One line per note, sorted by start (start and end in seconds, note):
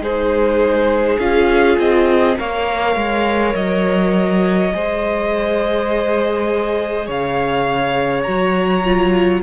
0.00 1.18 G#3
0.00 1.20 D#4
0.00 2.38 G#4
0.00 1.19 C5
1.19 1.78 C#4
1.19 2.36 F4
1.19 1.78 F5
1.78 2.37 C4
1.78 2.38 D#5
2.36 2.96 A#3
2.36 4.71 A#4
2.36 4.74 C#5
2.36 3.55 F5
2.96 3.54 G#3
3.55 4.73 F#3
3.55 7.08 D#5
4.72 7.08 G#3
4.72 8.25 G#4
4.72 7.07 C5
7.07 8.26 C#3
7.07 9.42 C#5
7.07 8.23 F5
8.23 9.43 F#3
8.23 8.85 F#4
8.23 9.41 A#5
8.85 9.43 F4